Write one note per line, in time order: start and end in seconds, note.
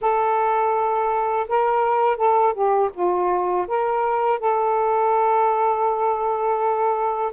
0.01 1.47 A4
1.48 2.17 A#4
2.17 2.53 A4
2.53 2.90 G4
2.93 3.66 F4
3.68 4.39 A#4
4.39 7.32 A4